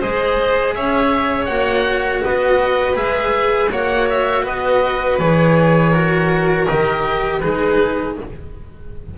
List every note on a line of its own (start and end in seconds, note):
0.00 0.77 G#3
0.00 1.49 G#4
0.00 0.74 C5
0.00 0.75 D#5
0.75 1.48 C#4
0.75 2.24 C#5
0.75 1.46 E5
1.46 2.23 A#3
1.46 2.95 F#4
1.46 2.20 F#5
2.24 2.97 B3
2.24 3.72 B4
2.24 2.96 D#5
2.95 3.71 G#3
2.95 3.69 G#4
2.95 3.71 E5
3.71 4.46 A#3
3.71 5.21 F#4
3.71 4.44 C#5
3.71 4.10 F#5
4.10 4.46 E5
4.44 5.19 B3
4.44 5.91 B4
4.44 5.19 D#5
5.19 6.67 E3
5.19 5.94 G#4
5.19 6.67 C#5
5.91 6.68 F#4
5.91 7.39 A#4
6.67 7.45 D#3
6.67 7.42 G4
6.67 7.41 D#5
7.41 8.19 G#3
7.41 8.17 D#4
7.41 8.16 G#4
7.41 8.15 B4